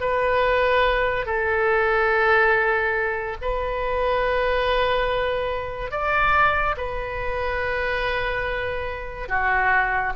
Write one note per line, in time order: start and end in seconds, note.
0.00 1.26 B4
1.26 3.37 A4
3.41 5.91 B4
5.91 6.76 D5
6.77 9.28 B4
9.28 10.13 F#4